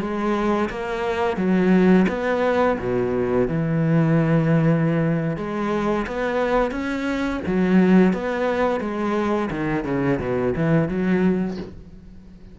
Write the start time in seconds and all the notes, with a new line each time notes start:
0.00 G#3
0.69 A#3
1.37 F#3
2.08 B3
2.79 B2
3.48 E3
5.37 G#3
6.07 B3
6.71 C#4
7.46 F#3
8.13 B3
8.80 G#3
9.50 D#3
9.84 C#3
10.19 B2
10.55 E3
10.88 F#3